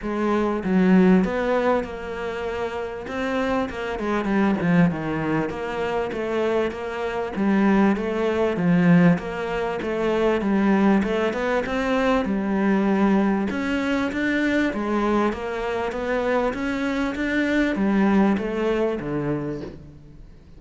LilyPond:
\new Staff \with { instrumentName = "cello" } { \time 4/4 \tempo 4 = 98 gis4 fis4 b4 ais4~ | ais4 c'4 ais8 gis8 g8 f8 | dis4 ais4 a4 ais4 | g4 a4 f4 ais4 |
a4 g4 a8 b8 c'4 | g2 cis'4 d'4 | gis4 ais4 b4 cis'4 | d'4 g4 a4 d4 | }